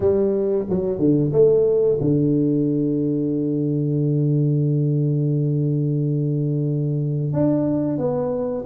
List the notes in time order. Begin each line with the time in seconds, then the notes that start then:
0.00 G3
0.69 F#3
0.98 D3
1.32 A3
2.00 D3
7.32 D4
7.98 B3